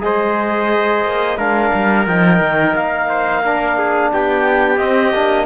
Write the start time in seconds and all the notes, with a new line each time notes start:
0.00 G#3 G#4 C5 D#5
1.04 A#3
1.37 G#3 D4 A#4 F5
1.74 G3
2.06 F3 D#4 G5
2.40 D#3
2.74 A#3 F5
3.08 C5
3.43 D4 A#4
3.78 G#4
4.12 B3 G4 G5
4.77 C4 D#5
5.14 A#3 D4